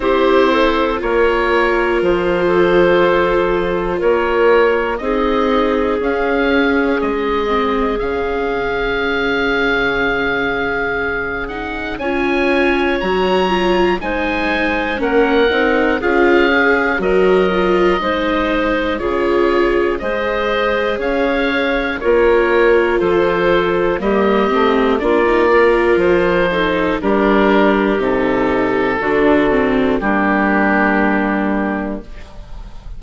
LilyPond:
<<
  \new Staff \with { instrumentName = "oboe" } { \time 4/4 \tempo 4 = 60 c''4 cis''4 c''2 | cis''4 dis''4 f''4 dis''4 | f''2.~ f''8 fis''8 | gis''4 ais''4 gis''4 fis''4 |
f''4 dis''2 cis''4 | dis''4 f''4 cis''4 c''4 | dis''4 d''4 c''4 ais'4 | a'2 g'2 | }
  \new Staff \with { instrumentName = "clarinet" } { \time 4/4 g'8 a'8 ais'4. a'4. | ais'4 gis'2.~ | gis'1 | cis''2 c''4 ais'4 |
gis'4 ais'4 c''4 gis'4 | c''4 cis''4 ais'4 a'4 | g'4 f'8 ais'4 a'8 g'4~ | g'4 fis'4 d'2 | }
  \new Staff \with { instrumentName = "viola" } { \time 4/4 e'4 f'2.~ | f'4 dis'4 cis'4. c'8 | cis'2.~ cis'8 dis'8 | f'4 fis'8 f'8 dis'4 cis'8 dis'8 |
f'8 gis'8 fis'8 f'8 dis'4 f'4 | gis'2 f'2 | ais8 c'8 d'16 dis'16 f'4 dis'8 d'4 | dis'4 d'8 c'8 ais2 | }
  \new Staff \with { instrumentName = "bassoon" } { \time 4/4 c'4 ais4 f2 | ais4 c'4 cis'4 gis4 | cis1 | cis'4 fis4 gis4 ais8 c'8 |
cis'4 fis4 gis4 cis4 | gis4 cis'4 ais4 f4 | g8 a8 ais4 f4 g4 | c4 d4 g2 | }
>>